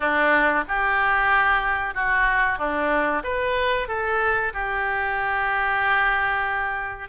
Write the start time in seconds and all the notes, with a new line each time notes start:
0.00 D4
0.68 G4
1.94 F#4
2.58 D4
3.23 B4
3.88 A4
4.53 G4